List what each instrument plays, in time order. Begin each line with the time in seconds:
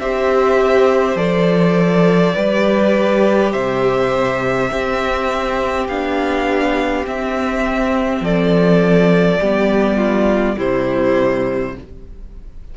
0.00 cello C4, viola G4, violin C5 E5
1.16 cello F3, viola A4, violin D5
2.35 cello G3, viola G4, violin B4
3.52 cello C3, violin C5 E5
4.72 cello C4, viola C4, violin G4
5.88 cello B3, viola D4, violin F5
7.04 viola C4, cello C4, violin E5
8.21 cello F3, violin A4 D5
9.41 cello G3, viola B3, violin G4
9.97 violin F4
10.57 cello C3, viola G3, violin E4 C5